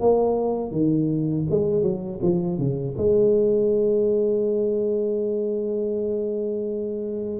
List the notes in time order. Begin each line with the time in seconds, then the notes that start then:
0.00 A#3
0.71 D#3
1.50 G#3
1.82 F#3
2.22 F3
2.58 C#3
2.97 G#3